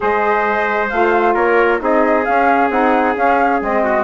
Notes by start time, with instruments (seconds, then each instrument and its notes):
0.00 bassoon G#3, saxophone G#4, trumpet C5, flute D#5
0.89 bassoon A3, saxophone F4, flute F5
1.34 bassoon A#3, trumpet A#4, flute C#5
1.79 bassoon C4, saxophone D#4, trumpet G#4, flute D#5
2.25 saxophone C#4, bassoon C#4, flute F5
2.70 bassoon C4, saxophone D#4, flute F#5
3.15 saxophone C#4, bassoon C#4, flute F5
3.60 bassoon G#3, saxophone C4, flute D#5
3.83 trumpet F#4